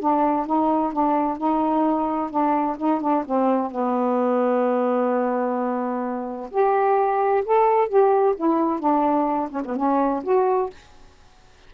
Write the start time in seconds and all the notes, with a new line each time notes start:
0.00 D4
0.46 D#4
0.93 D4
1.38 D#4
2.30 D4
2.77 D#4
3.01 D4
3.26 C4
3.71 B3
6.51 G4
7.45 A4
7.88 G4
8.36 E4
8.79 D4
9.51 C#4
9.65 B3
9.77 C#4
10.23 F#4